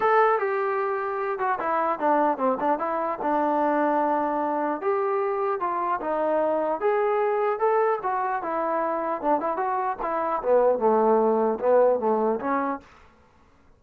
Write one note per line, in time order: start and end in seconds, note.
0.00 0.38 A4
0.38 1.38 G4
1.39 1.59 F#4
1.59 1.99 E4
1.99 2.37 D4
2.37 2.57 C4
2.59 2.79 D4
2.79 3.19 E4
3.22 4.81 D4
4.81 5.59 G4
5.59 5.99 F4
6.00 6.80 D#4
6.80 7.59 G#4
7.59 7.99 A4
8.02 8.42 F#4
8.42 9.21 E4
9.21 9.40 D4
9.40 9.57 E4
9.57 9.97 F#4
10.02 10.42 E4
10.42 10.79 B3
10.79 11.59 A3
11.59 11.99 B3
11.99 12.39 A3
12.40 12.80 C#4